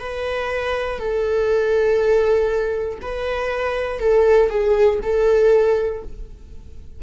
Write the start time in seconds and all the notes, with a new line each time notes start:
0.00 B4
0.99 A4
3.02 B4
4.00 A4
4.50 G#4
5.03 A4